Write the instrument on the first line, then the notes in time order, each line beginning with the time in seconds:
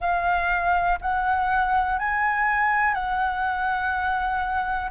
flute
0.00 F5
1.01 F#5
1.99 G#5
2.94 F#5